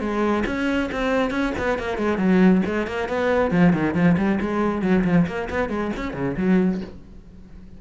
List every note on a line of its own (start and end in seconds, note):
0.00 0.44 G#3
0.46 0.90 C#4
0.91 1.31 C4
1.31 1.52 C#4
1.58 1.78 B3
1.78 1.97 A#3
1.97 2.18 G#3
2.18 2.62 F#3
2.66 2.87 G#3
2.87 3.09 A#3
3.09 3.51 B3
3.51 3.73 F3
3.73 3.94 D#3
3.94 4.16 F3
4.17 4.39 G3
4.40 4.82 G#3
4.82 5.04 F#3
5.04 5.26 F3
5.27 5.48 A#3
5.49 5.69 B3
5.69 5.91 G#3
5.96 6.14 C#4
6.14 6.36 C#3
6.37 6.81 F#3